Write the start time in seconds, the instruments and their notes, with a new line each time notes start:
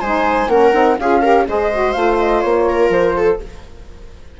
0.00 bassoon G#3, saxophone D#4, viola C5, flute G#5
0.47 bassoon A#3, saxophone C#4, viola A#4, flute F#5
0.73 bassoon C4, saxophone D#4
0.98 bassoon C#4, saxophone F4, viola G#4, flute F5
1.21 saxophone G4, viola A#4
1.46 bassoon G#3, saxophone G#4, viola C5, flute D#5
1.72 saxophone F#4
1.92 bassoon A3, saxophone F4, flute F5
2.19 flute D#5
2.41 bassoon A#3, flute C#5
2.68 viola A#4
2.89 bassoon F3, flute C5
3.16 viola A4